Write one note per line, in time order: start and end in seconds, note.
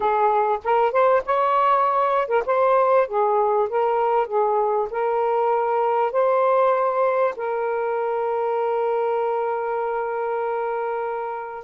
0.00 0.58 G#4
0.64 0.92 A#4
0.92 1.22 C5
1.25 2.27 C#5
2.27 2.43 A#4
2.46 3.07 C5
3.07 3.68 G#4
3.69 4.27 A#4
4.27 4.88 G#4
4.90 6.11 A#4
6.11 7.34 C5
7.36 11.64 A#4